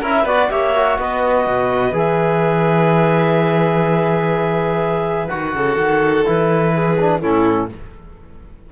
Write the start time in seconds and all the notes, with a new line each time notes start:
0.00 C#4 E4 A#4 E5
0.22 B3 F#4 B4 D5
0.50 A#3 G4 C#5 E5
0.74 F#4
0.98 B3 B4 D#5
1.46 B2
1.92 E3 G#4 E5
5.28 D#3 F#4 F#5
5.55 C#3 A4
5.76 D#3
6.25 E3 E4 B4
6.74 G#4
7.00 D4
7.20 A2 C#4 E4 A4